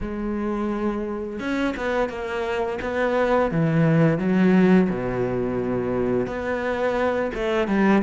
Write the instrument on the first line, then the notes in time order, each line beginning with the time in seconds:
cello
0.00 G#3
1.39 C#4
1.76 B3
2.09 A#3
2.81 B3
3.51 E3
4.18 F#3
4.89 B2
6.26 B3
7.34 A3
7.67 G3